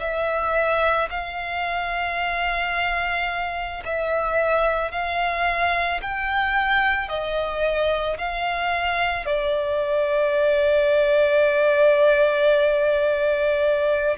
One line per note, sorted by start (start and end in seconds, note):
0.00 1.09 E5
1.10 3.83 F5
3.85 4.91 E5
4.91 6.00 F5
6.02 7.09 G5
7.09 8.18 D#5
8.18 9.26 F5
9.26 14.17 D5